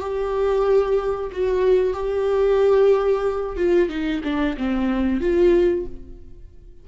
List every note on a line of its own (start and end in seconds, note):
0.00 1.30 G4
1.32 1.93 F#4
1.93 3.56 G4
3.56 3.89 F4
3.89 4.21 D#4
4.24 4.56 D4
4.57 5.21 C4
5.21 5.86 F4